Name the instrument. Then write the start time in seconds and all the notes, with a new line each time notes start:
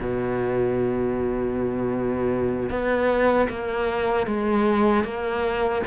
cello
0.00 B2
2.70 B3
3.50 A#3
4.26 G#3
5.04 A#3